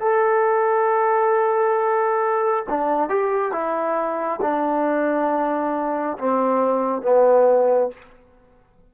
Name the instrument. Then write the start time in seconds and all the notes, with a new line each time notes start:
trombone
0.00 A4
2.69 D4
3.09 G4
3.52 E4
4.41 D4
6.18 C4
7.02 B3